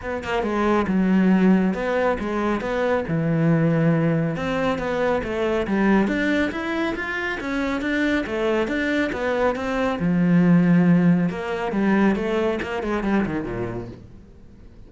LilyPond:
\new Staff \with { instrumentName = "cello" } { \time 4/4 \tempo 4 = 138 b8 ais8 gis4 fis2 | b4 gis4 b4 e4~ | e2 c'4 b4 | a4 g4 d'4 e'4 |
f'4 cis'4 d'4 a4 | d'4 b4 c'4 f4~ | f2 ais4 g4 | a4 ais8 gis8 g8 dis8 ais,4 | }